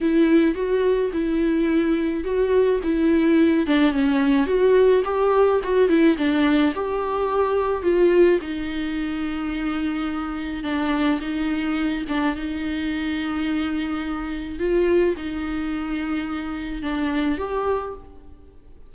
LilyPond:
\new Staff \with { instrumentName = "viola" } { \time 4/4 \tempo 4 = 107 e'4 fis'4 e'2 | fis'4 e'4. d'8 cis'4 | fis'4 g'4 fis'8 e'8 d'4 | g'2 f'4 dis'4~ |
dis'2. d'4 | dis'4. d'8 dis'2~ | dis'2 f'4 dis'4~ | dis'2 d'4 g'4 | }